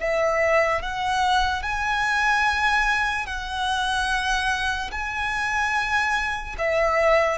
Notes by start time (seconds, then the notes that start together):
0.00 E5
0.83 F#5
1.63 G#5
3.27 F#5
4.92 G#5
6.59 E5